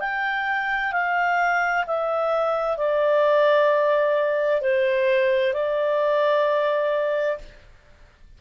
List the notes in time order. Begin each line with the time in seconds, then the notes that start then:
0.00 G5
0.92 F5
1.86 E5
2.77 D5
4.61 C5
5.53 D5